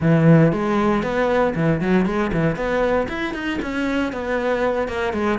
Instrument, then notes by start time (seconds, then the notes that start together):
cello
0.00 E3
0.52 G#3
1.03 B3
1.55 E3
1.80 F#3
2.05 G#3
2.32 E3
2.56 B3
3.08 E4
3.33 D#4
3.62 C#4
4.12 B3
4.87 A#3
5.13 G#3